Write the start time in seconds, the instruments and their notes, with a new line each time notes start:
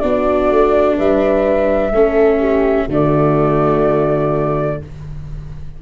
0.00 tuba B3, viola D4, horn F#4, flute D5
0.50 tuba A3
0.98 tuba G3, horn B4, flute E5
1.92 tuba A3, viola C#4, horn A4
2.39 horn G4
2.87 tuba D3, viola A3, horn F#4, flute D5